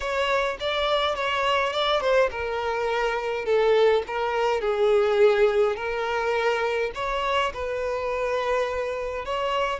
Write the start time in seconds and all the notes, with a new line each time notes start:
0.00 C#5
0.60 D5
1.15 C#5
1.72 D5
2.00 C5
2.31 A#4
3.45 A4
4.07 A#4
4.60 G#4
5.76 A#4
6.94 C#5
7.53 B4
9.25 C#5